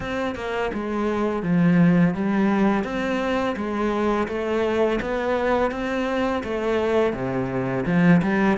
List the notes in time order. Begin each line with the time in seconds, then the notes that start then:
0.00 C4
0.35 A#3
0.73 G#3
1.43 F3
2.14 G3
2.84 C4
3.56 G#3
4.28 A3
5.01 B3
5.71 C4
6.43 A3
7.13 C3
7.86 F3
8.22 G3